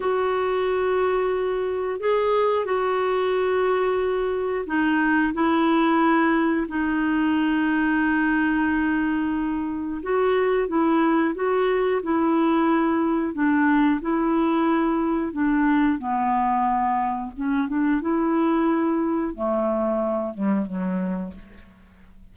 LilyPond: \new Staff \with { instrumentName = "clarinet" } { \time 4/4 \tempo 4 = 90 fis'2. gis'4 | fis'2. dis'4 | e'2 dis'2~ | dis'2. fis'4 |
e'4 fis'4 e'2 | d'4 e'2 d'4 | b2 cis'8 d'8 e'4~ | e'4 a4. g8 fis4 | }